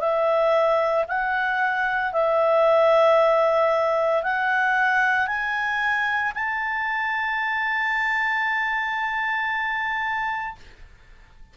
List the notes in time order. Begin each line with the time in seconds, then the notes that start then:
0.00 E5
1.08 F#5
2.13 E5
4.23 F#5
5.27 G#5
6.35 A5